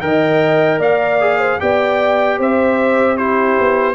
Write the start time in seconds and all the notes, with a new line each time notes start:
0.00 D#3 A#4 D#5 G5
0.78 A#3 D5 F5
1.20 G#4
1.38 C5
1.59 B3 G4 D5 G5
2.38 C4 C5 E5
3.16 E4 G4 C5
3.60 B3